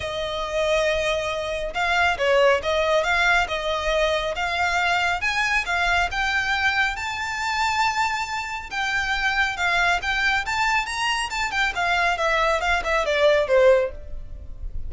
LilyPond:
\new Staff \with { instrumentName = "violin" } { \time 4/4 \tempo 4 = 138 dis''1 | f''4 cis''4 dis''4 f''4 | dis''2 f''2 | gis''4 f''4 g''2 |
a''1 | g''2 f''4 g''4 | a''4 ais''4 a''8 g''8 f''4 | e''4 f''8 e''8 d''4 c''4 | }